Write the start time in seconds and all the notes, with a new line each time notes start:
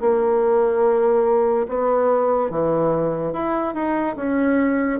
0.00 A#3
1.68 B3
2.50 E3
3.33 E4
3.74 D#4
4.16 C#4